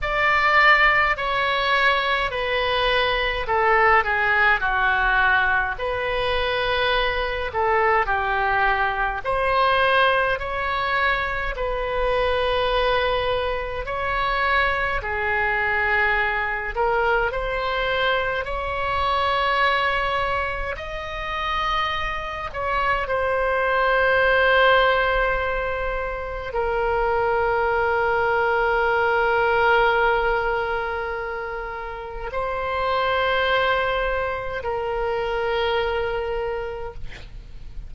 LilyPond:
\new Staff \with { instrumentName = "oboe" } { \time 4/4 \tempo 4 = 52 d''4 cis''4 b'4 a'8 gis'8 | fis'4 b'4. a'8 g'4 | c''4 cis''4 b'2 | cis''4 gis'4. ais'8 c''4 |
cis''2 dis''4. cis''8 | c''2. ais'4~ | ais'1 | c''2 ais'2 | }